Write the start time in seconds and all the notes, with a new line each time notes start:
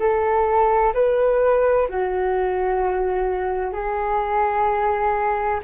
0.00 A4
0.94 B4
1.89 F#4
3.73 G#4